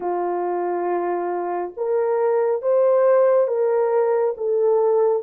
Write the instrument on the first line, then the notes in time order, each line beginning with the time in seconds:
horn
0.00 F4
1.76 A#4
2.61 C5
3.47 A#4
4.37 A4